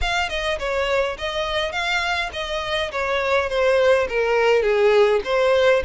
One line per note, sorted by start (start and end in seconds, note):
0.01 0.29 F5
0.29 0.58 D#5
0.59 1.17 C#5
1.18 1.72 D#5
1.72 2.30 F5
2.32 2.91 D#5
2.91 3.49 C#5
3.49 4.07 C5
4.09 4.62 A#4
4.62 5.20 G#4
5.24 5.83 C5